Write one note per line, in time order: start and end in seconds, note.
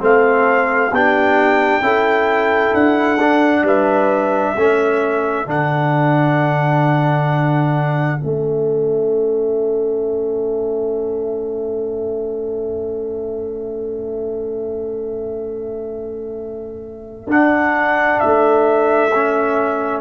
0.00 0.91 A3
0.00 0.91 C4
0.00 0.92 A4
0.00 0.95 F5
0.91 1.81 B3
0.91 1.82 D4
0.91 1.83 G4
0.91 2.74 G5
1.81 2.72 C#4
1.81 3.18 E4
1.81 3.65 A4
2.74 3.62 D4
2.74 3.65 F#5
3.20 4.56 D4
3.62 4.53 G3
3.62 4.56 B4
3.62 5.49 E5
4.56 5.46 A3
4.56 5.46 C#4
4.56 20.01 A4
5.46 8.19 D3
5.46 8.18 D4
5.46 8.20 F#5
8.18 17.27 C#4
8.18 17.30 E5
8.24 17.27 A3
17.27 18.18 D4
17.27 19.10 D4
17.27 18.20 F#5
18.20 20.01 A3
18.20 20.01 E5
19.15 20.01 C#4